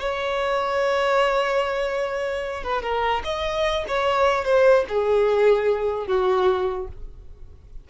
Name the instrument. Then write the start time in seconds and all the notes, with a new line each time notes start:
violin
0.00 C#5
2.64 B4
2.82 A#4
3.25 D#5
3.88 C#5
4.45 C5
4.89 G#4
6.07 F#4